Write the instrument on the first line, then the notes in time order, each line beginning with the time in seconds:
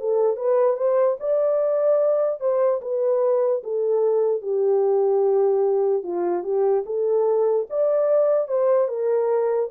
horn
0.00 A4
0.36 B4
0.76 C5
1.20 D5
2.40 C5
2.81 B4
3.63 A4
4.42 G4
6.03 F4
6.43 G4
6.86 A4
7.70 D5
8.48 C5
8.88 A#4